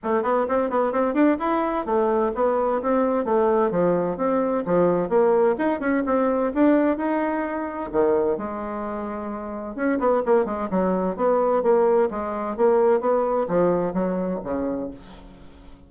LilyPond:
\new Staff \with { instrumentName = "bassoon" } { \time 4/4 \tempo 4 = 129 a8 b8 c'8 b8 c'8 d'8 e'4 | a4 b4 c'4 a4 | f4 c'4 f4 ais4 | dis'8 cis'8 c'4 d'4 dis'4~ |
dis'4 dis4 gis2~ | gis4 cis'8 b8 ais8 gis8 fis4 | b4 ais4 gis4 ais4 | b4 f4 fis4 cis4 | }